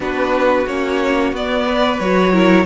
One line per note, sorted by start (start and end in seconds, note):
0.00 0.66 B3
0.00 0.66 D4
0.00 1.66 F#4
0.00 0.67 B4
0.66 1.32 A#3
0.66 1.34 C#4
0.66 1.34 C#5
1.32 1.99 B3
1.32 2.01 B3
1.32 1.99 D5
1.66 2.32 B4
1.99 2.65 F#3
1.99 2.32 F#4
1.99 2.65 C#5
2.32 2.65 E4
2.32 2.65 A#4